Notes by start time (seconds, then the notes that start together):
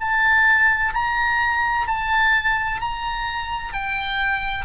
0.00 A5
0.94 A#5
1.87 A5
2.81 A#5
3.73 G5